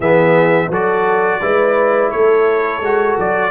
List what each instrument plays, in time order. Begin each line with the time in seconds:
0.00 tuba E3, trombone B3, horn G#4, trumpet E5
0.69 tuba F#3, trombone F#4, horn A4, trumpet D5
1.41 tuba G#3, trombone E4, horn B4
2.11 tuba A3, horn A4, trumpet C#5
2.81 tuba G#3, trombone F#4
3.18 tuba F#3, trumpet D5